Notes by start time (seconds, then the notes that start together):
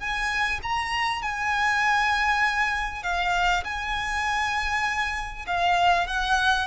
0.00 G#5
0.63 A#5
1.22 G#5
3.03 F5
3.64 G#5
5.47 F5
6.07 F#5